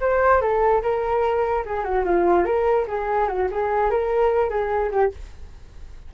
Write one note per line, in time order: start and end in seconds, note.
0.00 0.41 C5
0.41 0.82 A4
0.82 1.64 A#4
1.65 1.84 G#4
1.84 2.04 F#4
2.04 2.45 F4
2.45 2.86 A#4
2.87 3.28 G#4
3.28 3.48 F#4
3.51 3.90 G#4
3.90 4.49 A#4
4.49 4.91 G#4
4.91 5.12 G4